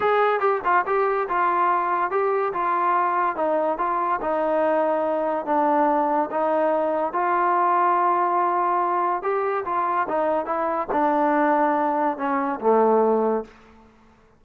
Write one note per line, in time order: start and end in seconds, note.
0.00 0.40 G#4
0.40 0.61 G4
0.64 0.85 F4
0.86 1.28 G4
1.28 2.11 F4
2.11 2.53 G4
2.53 3.36 F4
3.36 3.78 D#4
3.78 4.20 F4
4.21 5.45 D#4
5.45 6.29 D4
6.30 7.13 D#4
7.13 9.22 F4
9.22 9.64 G4
9.65 10.07 F4
10.08 10.45 D#4
10.45 10.87 E4
10.91 12.17 D4
12.17 12.59 C#4
12.60 13.44 A3